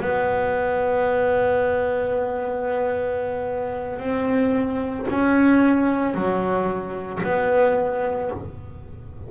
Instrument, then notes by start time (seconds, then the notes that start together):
double bass
0.00 B3
4.00 C4
5.10 C#4
6.15 F#3
7.24 B3